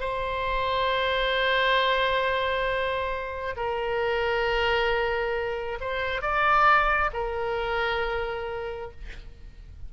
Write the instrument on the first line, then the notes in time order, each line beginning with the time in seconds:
oboe
0.00 C5
3.57 A#4
5.81 C5
6.22 D5
7.14 A#4